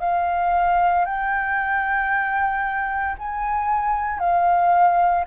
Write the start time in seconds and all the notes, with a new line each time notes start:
0.00 F5
1.05 G5
3.19 G#5
4.19 F5